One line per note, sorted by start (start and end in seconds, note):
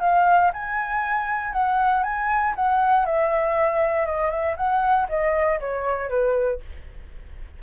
0.00 0.51 F5
0.53 1.53 G#5
1.53 2.03 F#5
2.03 2.54 G#5
2.55 3.05 F#5
3.05 4.06 E5
4.06 4.30 D#5
4.30 4.56 E5
4.56 5.07 F#5
5.09 5.60 D#5
5.60 6.09 C#5
6.09 6.60 B4